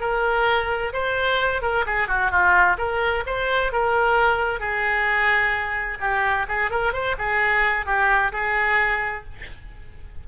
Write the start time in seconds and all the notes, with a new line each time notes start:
0.00 A#4
0.93 C5
1.62 A#4
1.86 G#4
2.08 F#4
2.31 F4
2.78 A#4
3.26 C5
3.72 A#4
4.59 G#4
6.00 G4
6.48 G#4
6.70 A#4
6.93 C5
7.18 G#4
7.85 G4
8.32 G#4